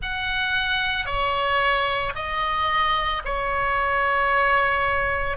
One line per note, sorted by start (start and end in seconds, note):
0.02 1.05 F#5
1.05 2.12 C#5
2.15 3.22 D#5
3.24 5.37 C#5